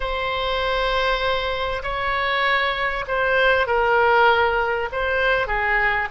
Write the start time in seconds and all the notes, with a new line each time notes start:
0.00 C5
1.83 C#5
3.07 C5
3.67 A#4
4.91 C5
5.47 G#4